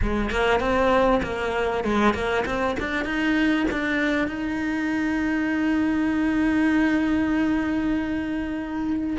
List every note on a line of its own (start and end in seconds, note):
0.02 0.30 G#3
0.30 0.60 A#3
0.60 1.21 C4
1.22 1.84 A#3
1.84 2.13 G#3
2.13 2.44 A#3
2.45 2.76 C4
2.79 3.04 D4
3.04 3.66 D#4
3.71 4.27 D4
4.27 9.17 D#4